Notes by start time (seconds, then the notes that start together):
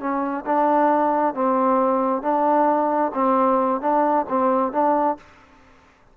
0.00 C#4
0.46 D4
1.35 C4
2.23 D4
3.14 C4
3.81 D4
4.29 C4
4.73 D4